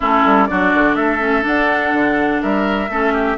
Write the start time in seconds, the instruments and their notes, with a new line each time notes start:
0.00 bassoon A3, clarinet C#4, oboe E4, flute A4
0.25 bassoon G3
0.46 bassoon F#3, clarinet D4, oboe F#4, flute D5
0.74 bassoon D3
0.95 bassoon A3, oboe A4, flute E5
1.19 clarinet C#4
1.42 clarinet D4, bassoon D4, flute F#5
1.93 bassoon D3
2.42 bassoon G3, oboe A#4, flute E5
2.88 bassoon A3, clarinet C#4, oboe A4
3.13 oboe G4